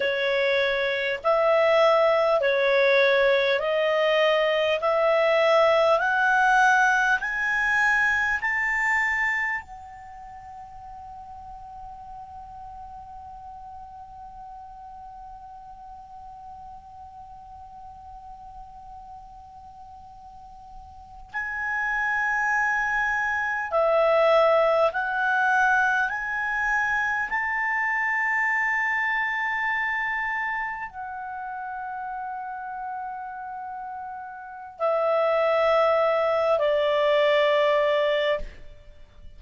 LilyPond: \new Staff \with { instrumentName = "clarinet" } { \time 4/4 \tempo 4 = 50 cis''4 e''4 cis''4 dis''4 | e''4 fis''4 gis''4 a''4 | fis''1~ | fis''1~ |
fis''4.~ fis''16 gis''2 e''16~ | e''8. fis''4 gis''4 a''4~ a''16~ | a''4.~ a''16 fis''2~ fis''16~ | fis''4 e''4. d''4. | }